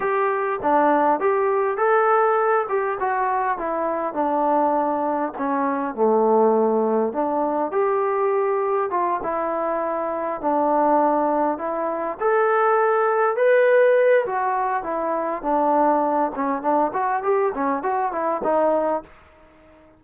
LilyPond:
\new Staff \with { instrumentName = "trombone" } { \time 4/4 \tempo 4 = 101 g'4 d'4 g'4 a'4~ | a'8 g'8 fis'4 e'4 d'4~ | d'4 cis'4 a2 | d'4 g'2 f'8 e'8~ |
e'4. d'2 e'8~ | e'8 a'2 b'4. | fis'4 e'4 d'4. cis'8 | d'8 fis'8 g'8 cis'8 fis'8 e'8 dis'4 | }